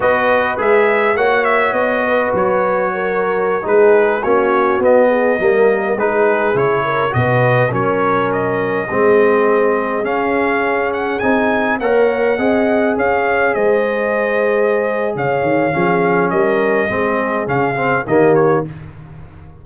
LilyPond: <<
  \new Staff \with { instrumentName = "trumpet" } { \time 4/4 \tempo 4 = 103 dis''4 e''4 fis''8 e''8 dis''4 | cis''2~ cis''16 b'4 cis''8.~ | cis''16 dis''2 b'4 cis''8.~ | cis''16 dis''4 cis''4 dis''4.~ dis''16~ |
dis''4~ dis''16 f''4. fis''8 gis''8.~ | gis''16 fis''2 f''4 dis''8.~ | dis''2 f''2 | dis''2 f''4 dis''8 cis''8 | }
  \new Staff \with { instrumentName = "horn" } { \time 4/4 b'2 cis''4. b'8~ | b'4 ais'4~ ais'16 gis'4 fis'8.~ | fis'8. gis'8 ais'4 gis'4. ais'16~ | ais'16 b'4 ais'2 gis'8.~ |
gis'1~ | gis'16 cis''4 dis''4 cis''4 c''8.~ | c''2 cis''4 gis'4 | ais'4 gis'2 g'4 | }
  \new Staff \with { instrumentName = "trombone" } { \time 4/4 fis'4 gis'4 fis'2~ | fis'2~ fis'16 dis'4 cis'8.~ | cis'16 b4 ais4 dis'4 e'8.~ | e'16 fis'4 cis'2 c'8.~ |
c'4~ c'16 cis'2 dis'8.~ | dis'16 ais'4 gis'2~ gis'8.~ | gis'2. cis'4~ | cis'4 c'4 cis'8 c'8 ais4 | }
  \new Staff \with { instrumentName = "tuba" } { \time 4/4 b4 gis4 ais4 b4 | fis2~ fis16 gis4 ais8.~ | ais16 b4 g4 gis4 cis8.~ | cis16 b,4 fis2 gis8.~ |
gis4~ gis16 cis'2 c'8.~ | c'16 ais4 c'4 cis'4 gis8.~ | gis2 cis8 dis8 f4 | g4 gis4 cis4 dis4 | }
>>